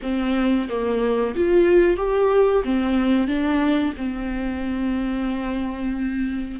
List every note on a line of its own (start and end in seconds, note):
0.02 0.68 C4
0.68 1.34 A#3
1.35 1.96 F4
1.96 2.62 G4
2.64 3.27 C4
3.27 3.93 D4
3.97 6.60 C4